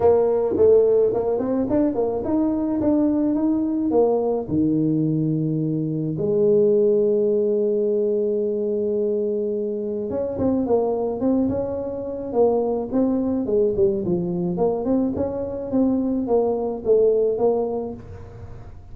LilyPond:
\new Staff \with { instrumentName = "tuba" } { \time 4/4 \tempo 4 = 107 ais4 a4 ais8 c'8 d'8 ais8 | dis'4 d'4 dis'4 ais4 | dis2. gis4~ | gis1~ |
gis2 cis'8 c'8 ais4 | c'8 cis'4. ais4 c'4 | gis8 g8 f4 ais8 c'8 cis'4 | c'4 ais4 a4 ais4 | }